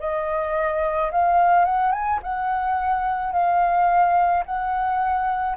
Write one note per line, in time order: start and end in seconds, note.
0.00 1.11 D#5
1.12 1.65 F5
1.65 1.92 F#5
1.92 2.20 G#5
2.23 3.33 F#5
3.33 4.44 F5
4.46 5.57 F#5